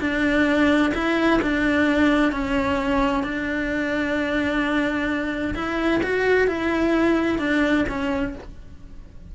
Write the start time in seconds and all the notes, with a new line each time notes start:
0.00 D4
0.94 E4
1.42 D4
2.32 C#4
3.23 D4
5.55 E4
6.03 F#4
6.47 E4
7.39 D4
7.88 C#4